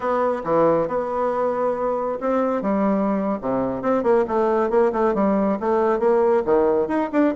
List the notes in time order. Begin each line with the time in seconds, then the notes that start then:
0.00 B3
0.44 E3
0.87 B3
2.20 C4
2.62 G3
3.41 C3
3.82 C4
4.03 A#3
4.27 A3
4.70 A#3
4.92 A3
5.14 G3
5.60 A3
5.99 A#3
6.45 D#3
6.87 D#4
7.12 D4